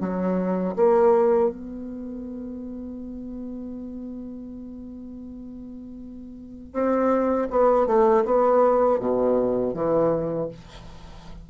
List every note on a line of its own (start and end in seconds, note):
0.00 0.75 F#3
0.75 1.49 A#3
1.49 6.73 B3
6.73 7.48 C4
7.50 7.86 B3
7.86 8.24 A3
8.25 8.99 B3
8.99 9.73 B2
9.73 10.48 E3